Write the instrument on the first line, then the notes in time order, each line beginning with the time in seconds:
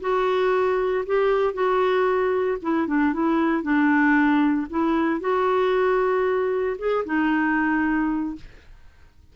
clarinet
0.00 F#4
1.06 G4
1.53 F#4
2.62 E4
2.87 D4
3.13 E4
3.62 D4
4.70 E4
5.20 F#4
6.78 G#4
7.05 D#4